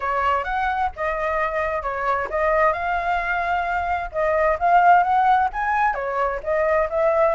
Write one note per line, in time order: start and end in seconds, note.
0.00 0.44 C#5
0.44 0.90 F#5
0.95 1.82 D#5
1.82 2.28 C#5
2.29 2.72 D#5
2.72 4.10 F5
4.12 4.58 D#5
4.59 5.03 F5
5.03 5.48 F#5
5.52 5.94 G#5
5.94 6.40 C#5
6.43 6.88 D#5
6.89 7.34 E5